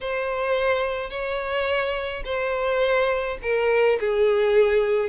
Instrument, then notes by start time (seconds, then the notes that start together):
violin
0.01 C5
1.10 C#5
2.24 C5
3.42 A#4
3.99 G#4